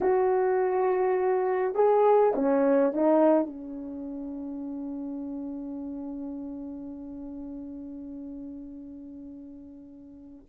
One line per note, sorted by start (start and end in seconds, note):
0.01 1.74 F#4
1.74 2.33 G#4
2.35 2.93 C#4
2.93 3.46 D#4
3.46 10.45 C#4